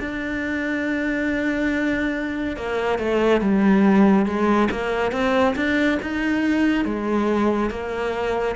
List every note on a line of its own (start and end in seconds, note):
0.00 2.57 D4
2.57 2.99 A#3
2.99 3.41 A3
3.41 4.26 G3
4.26 4.69 G#3
4.71 5.12 A#3
5.12 5.55 C4
5.56 5.99 D4
6.03 6.85 D#4
6.85 7.71 G#3
7.71 8.56 A#3